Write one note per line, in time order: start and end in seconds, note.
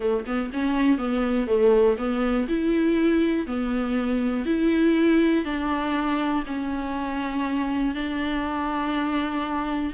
0.00 0.25 A3
0.25 0.50 B3
0.52 0.98 C#4
0.98 1.47 B3
1.47 1.96 A3
1.97 2.47 B3
2.48 3.46 E4
3.46 4.45 B3
4.45 5.44 E4
5.44 6.43 D4
6.46 7.94 C#4
7.94 9.93 D4